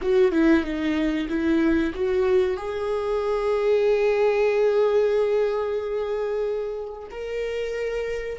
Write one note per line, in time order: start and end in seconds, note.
0.01 0.31 F#4
0.31 0.63 E4
0.63 1.28 D#4
1.28 1.93 E4
1.94 2.56 F#4
2.56 7.08 G#4
7.10 8.38 A#4